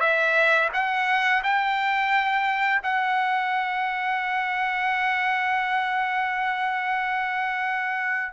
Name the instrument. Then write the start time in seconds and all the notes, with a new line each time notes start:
trumpet
0.00 E5
0.73 F#5
1.43 G5
2.83 F#5